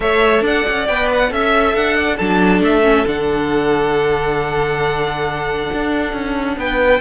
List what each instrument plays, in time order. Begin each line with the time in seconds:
0.00 cello A3, viola A4, violin C#5 E5
0.41 cello D4, violin D5 F#5
0.68 cello C#4
0.87 cello B3, viola B4, violin G5
1.13 violin F#5
1.29 cello C#4, viola A4, violin E5
1.75 cello D4, violin F#5
1.96 violin D5
2.17 cello F#3, viola D4, violin A4 A5
2.60 cello A3, violin E5
2.83 viola C#4
3.06 cello D3, viola D4, violin F#5
5.73 cello D4
6.12 cello C#4
6.56 cello B3, violin B4 G5